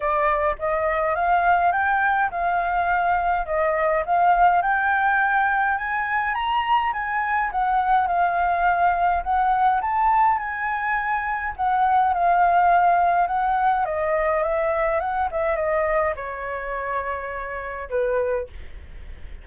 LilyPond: \new Staff \with { instrumentName = "flute" } { \time 4/4 \tempo 4 = 104 d''4 dis''4 f''4 g''4 | f''2 dis''4 f''4 | g''2 gis''4 ais''4 | gis''4 fis''4 f''2 |
fis''4 a''4 gis''2 | fis''4 f''2 fis''4 | dis''4 e''4 fis''8 e''8 dis''4 | cis''2. b'4 | }